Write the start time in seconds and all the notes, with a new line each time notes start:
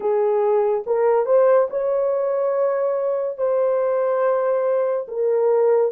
0.00 G#4
0.86 A#4
1.25 C5
1.69 C#5
3.37 C5
5.07 A#4